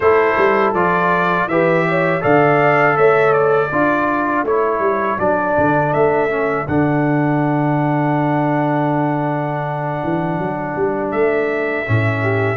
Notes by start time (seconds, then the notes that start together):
0.00 A3 E4 A4 C5
0.37 G3
0.73 F3 F4 D5
1.46 E3 G4 B4 E5
1.88 C#5
2.20 D3 A4 D5 F5
2.96 A3 C#5 E5
3.33 D5
3.68 D4 F4 A4
4.43 A3 E4 C#5
4.79 G3
5.18 F#3 D4 D5
5.57 D3
5.93 A3 E5
6.29 C#4
6.67 D3 D4 F#5
10.03 E3
10.38 F#3
10.76 G3
11.11 A3 E5
11.85 A2 C#4
12.22 G4